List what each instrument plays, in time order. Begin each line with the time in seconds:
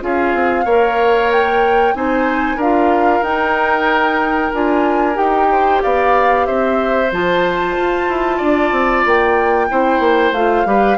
0.00 bassoon C#4, clarinet F4, oboe G#4, flute F5
0.33 bassoon C4
0.65 bassoon A#3, clarinet A#4, oboe C#5
1.32 flute G5
1.94 bassoon C4, clarinet D#4, oboe C5, flute G#5
2.56 bassoon D4, clarinet F4, oboe A#4, flute F5
3.21 bassoon D#4, clarinet D#4, flute G5
4.53 bassoon D4, clarinet F4, flute G#5
5.14 bassoon D#4, clarinet G4, flute G5
5.51 oboe C5
5.82 bassoon B3, oboe D5, flute F5
6.46 bassoon C4, oboe C5, flute E5
7.11 bassoon F3, clarinet F4, flute A5
7.77 bassoon F4
8.08 bassoon E4
8.37 bassoon D4, oboe D5
8.71 bassoon C4
9.05 bassoon A#3, flute G5
9.69 bassoon C4, clarinet E4, oboe C5
9.99 bassoon A#3
10.32 bassoon A3, clarinet F4, flute F5
10.65 bassoon G3, clarinet G4, oboe B4